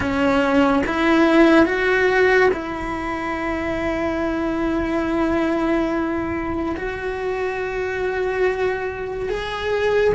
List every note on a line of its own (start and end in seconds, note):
0.00 0.82 C#4
0.86 1.65 E4
1.65 2.50 F#4
2.53 6.75 E4
6.76 9.29 F#4
9.29 10.13 G#4